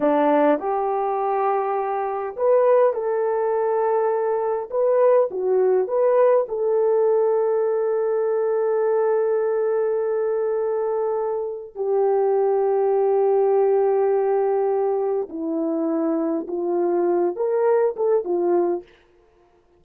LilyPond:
\new Staff \with { instrumentName = "horn" } { \time 4/4 \tempo 4 = 102 d'4 g'2. | b'4 a'2. | b'4 fis'4 b'4 a'4~ | a'1~ |
a'1 | g'1~ | g'2 e'2 | f'4. ais'4 a'8 f'4 | }